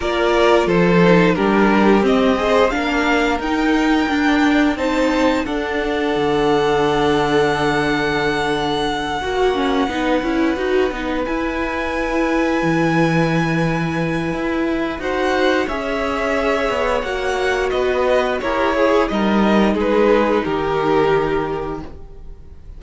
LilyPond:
<<
  \new Staff \with { instrumentName = "violin" } { \time 4/4 \tempo 4 = 88 d''4 c''4 ais'4 dis''4 | f''4 g''2 a''4 | fis''1~ | fis''1~ |
fis''8 gis''2.~ gis''8~ | gis''2 fis''4 e''4~ | e''4 fis''4 dis''4 cis''4 | dis''4 b'4 ais'2 | }
  \new Staff \with { instrumentName = "violin" } { \time 4/4 ais'4 a'4 g'4. c''8 | ais'2. c''4 | a'1~ | a'4. fis'4 b'4.~ |
b'1~ | b'2 c''4 cis''4~ | cis''2 b'4 ais'8 gis'8 | ais'4 gis'4 g'2 | }
  \new Staff \with { instrumentName = "viola" } { \time 4/4 f'4. dis'8 d'4 c'8 gis'8 | d'4 dis'4 d'4 dis'4 | d'1~ | d'4. fis'8 cis'8 dis'8 e'8 fis'8 |
dis'8 e'2.~ e'8~ | e'2 fis'4 gis'4~ | gis'4 fis'2 g'8 gis'8 | dis'1 | }
  \new Staff \with { instrumentName = "cello" } { \time 4/4 ais4 f4 g4 c'4 | ais4 dis'4 d'4 c'4 | d'4 d2.~ | d4. ais4 b8 cis'8 dis'8 |
b8 e'2 e4.~ | e4 e'4 dis'4 cis'4~ | cis'8 b8 ais4 b4 e'4 | g4 gis4 dis2 | }
>>